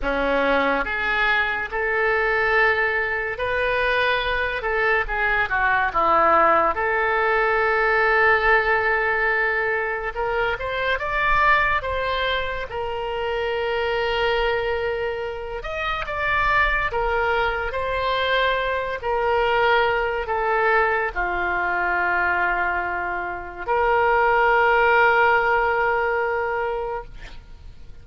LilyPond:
\new Staff \with { instrumentName = "oboe" } { \time 4/4 \tempo 4 = 71 cis'4 gis'4 a'2 | b'4. a'8 gis'8 fis'8 e'4 | a'1 | ais'8 c''8 d''4 c''4 ais'4~ |
ais'2~ ais'8 dis''8 d''4 | ais'4 c''4. ais'4. | a'4 f'2. | ais'1 | }